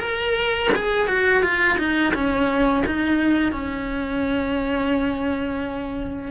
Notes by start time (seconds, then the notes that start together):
0.00 A#4
0.75 G#4
1.08 F#4
1.43 F4
1.79 D#4
2.14 C#4
2.86 D#4
3.52 C#4